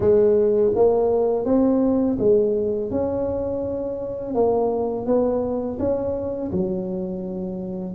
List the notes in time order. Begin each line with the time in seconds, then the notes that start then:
0.00 G#3
0.75 A#3
1.45 C4
2.18 G#3
2.90 C#4
4.34 A#3
5.06 B3
5.79 C#4
6.51 F#3